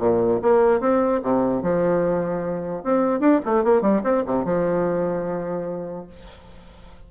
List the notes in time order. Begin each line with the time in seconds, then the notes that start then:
0.00 A#2
0.42 A#3
0.81 C4
1.23 C3
1.63 F3
2.84 C4
3.20 D4
3.46 A3
3.64 A#3
3.82 G3
4.04 C4
4.27 C3
4.45 F3